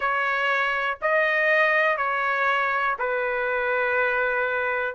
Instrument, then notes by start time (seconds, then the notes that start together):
trumpet
0.00 C#5
1.01 D#5
1.97 C#5
2.98 B4